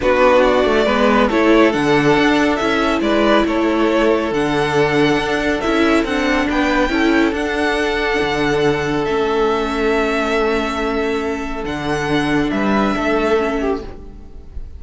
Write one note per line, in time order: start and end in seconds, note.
0.00 0.65 B3
0.00 0.85 D4
0.00 0.85 F#4
0.00 0.42 B4
0.42 1.28 D5
0.65 0.86 A3
0.85 1.29 G#3
0.85 1.30 B3
0.85 1.28 B4
1.28 1.74 A3
1.28 1.71 E4
1.28 3.00 A4
1.28 1.72 C#5
1.71 2.17 D3
1.71 2.58 D4
1.71 2.56 F#5
2.17 2.60 D4
2.56 3.00 C#4
2.56 4.33 E4
2.56 2.99 E5
3.00 3.44 G#3
3.00 3.46 B4
3.00 3.45 D5
3.45 4.31 A3
3.45 6.47 A4
3.45 4.33 C#5
4.31 5.16 D3
4.31 5.63 D4
4.31 5.60 F#5
5.16 5.60 D4
5.60 6.04 C#4
5.60 6.07 E4
5.60 6.04 E5
6.04 6.47 C4
6.04 6.89 D4
6.04 6.49 F#5
6.47 6.89 B3
6.47 6.91 B4
6.47 7.33 G5
6.89 7.32 C#4
6.89 7.32 E4
6.89 12.53 A4
7.32 8.18 D4
7.32 9.06 D4
7.32 9.05 F#5
8.21 9.06 D3
9.05 11.64 A3
9.05 11.64 C#4
9.05 11.64 E5
11.64 12.50 D3
11.64 13.37 D4
11.64 12.50 F#5
12.50 12.95 G3
12.50 12.96 B4
12.50 13.79 E5
12.96 13.83 A3
12.96 13.60 A4
13.37 13.80 C#4
13.60 13.81 G4